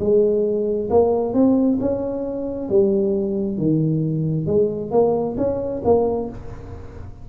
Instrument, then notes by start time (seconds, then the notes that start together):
tuba
0.00 G#3
0.90 A#3
1.34 C4
1.81 C#4
2.69 G3
3.58 D#3
4.47 G#3
4.92 A#3
5.38 C#4
5.85 A#3